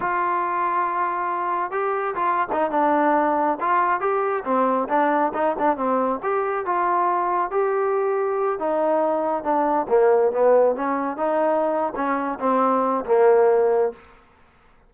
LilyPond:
\new Staff \with { instrumentName = "trombone" } { \time 4/4 \tempo 4 = 138 f'1 | g'4 f'8. dis'8 d'4.~ d'16~ | d'16 f'4 g'4 c'4 d'8.~ | d'16 dis'8 d'8 c'4 g'4 f'8.~ |
f'4~ f'16 g'2~ g'8 dis'16~ | dis'4.~ dis'16 d'4 ais4 b16~ | b8. cis'4 dis'4.~ dis'16 cis'8~ | cis'8 c'4. ais2 | }